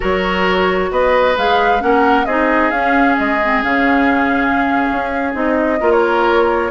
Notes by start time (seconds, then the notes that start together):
0.00 F#3 F#4 A#4 C#5
0.90 B3 B4 D#5
1.37 G#3 G#4 F5
1.79 A#3 C#4 A#4 F#5
2.25 C4 D#4 G#4 D#5
2.70 C#4 F5
3.17 G#3 D#5
3.43 C4
3.63 C#3 C#4 F5
4.92 C#4
5.33 C4 D#4 D#5
5.80 A#3 F4 A#4
5.91 C#5